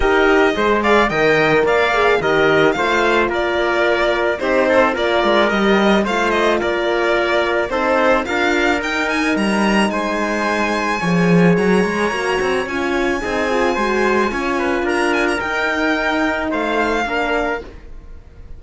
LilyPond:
<<
  \new Staff \with { instrumentName = "violin" } { \time 4/4 \tempo 4 = 109 dis''4. f''8 g''4 f''4 | dis''4 f''4 d''2 | c''4 d''4 dis''4 f''8 dis''8 | d''2 c''4 f''4 |
g''8 gis''8 ais''4 gis''2~ | gis''4 ais''2 gis''4~ | gis''2. ais''8 gis''16 ais''16 | g''2 f''2 | }
  \new Staff \with { instrumentName = "trumpet" } { \time 4/4 ais'4 c''8 d''8 dis''4 d''4 | ais'4 c''4 ais'2 | g'8 a'8 ais'2 c''4 | ais'2 a'4 ais'4~ |
ais'2 c''2 | cis''1 | gis'4 c''4 cis''8 b'8 ais'4~ | ais'2 c''4 ais'4 | }
  \new Staff \with { instrumentName = "horn" } { \time 4/4 g'4 gis'4 ais'4. gis'8 | g'4 f'2. | dis'4 f'4 g'4 f'4~ | f'2 dis'4 f'4 |
dis'1 | gis'2 fis'4 f'4 | dis'8 f'8 fis'4 f'2 | dis'2. d'4 | }
  \new Staff \with { instrumentName = "cello" } { \time 4/4 dis'4 gis4 dis4 ais4 | dis4 a4 ais2 | c'4 ais8 gis8 g4 a4 | ais2 c'4 d'4 |
dis'4 g4 gis2 | f4 fis8 gis8 ais8 c'8 cis'4 | c'4 gis4 cis'4 d'4 | dis'2 a4 ais4 | }
>>